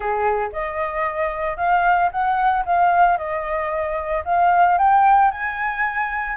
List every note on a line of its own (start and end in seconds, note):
0.00 0.50 G#4
0.52 1.56 D#5
1.56 2.09 F5
2.11 2.64 F#5
2.65 3.17 F5
3.17 4.23 D#5
4.25 4.78 F5
4.78 5.31 G5
5.31 6.36 G#5